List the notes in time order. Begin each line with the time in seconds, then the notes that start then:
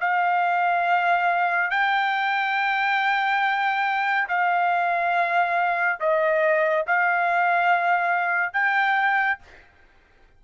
0.00 F5
1.70 G5
4.28 F5
6.00 D#5
6.86 F5
8.53 G5